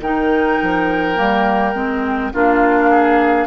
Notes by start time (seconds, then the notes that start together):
0.00 D#3 D#4 A#4 G5
0.62 F3
1.15 G3 A#3
1.74 G#3 C4
2.33 A#3 D4 F4 F5
2.90 G#4